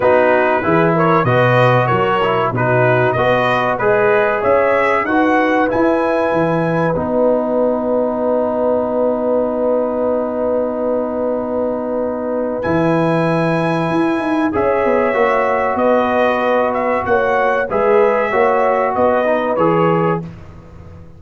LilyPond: <<
  \new Staff \with { instrumentName = "trumpet" } { \time 4/4 \tempo 4 = 95 b'4. cis''8 dis''4 cis''4 | b'4 dis''4 b'4 e''4 | fis''4 gis''2 fis''4~ | fis''1~ |
fis''1 | gis''2. e''4~ | e''4 dis''4. e''8 fis''4 | e''2 dis''4 cis''4 | }
  \new Staff \with { instrumentName = "horn" } { \time 4/4 fis'4 gis'8 ais'8 b'4 ais'4 | fis'4 b'4 dis''4 cis''4 | b'1~ | b'1~ |
b'1~ | b'2. cis''4~ | cis''4 b'2 cis''4 | b'4 cis''4 b'2 | }
  \new Staff \with { instrumentName = "trombone" } { \time 4/4 dis'4 e'4 fis'4. e'8 | dis'4 fis'4 gis'2 | fis'4 e'2 dis'4~ | dis'1~ |
dis'1 | e'2. gis'4 | fis'1 | gis'4 fis'4. dis'8 gis'4 | }
  \new Staff \with { instrumentName = "tuba" } { \time 4/4 b4 e4 b,4 fis4 | b,4 b4 gis4 cis'4 | dis'4 e'4 e4 b4~ | b1~ |
b1 | e2 e'8 dis'8 cis'8 b8 | ais4 b2 ais4 | gis4 ais4 b4 e4 | }
>>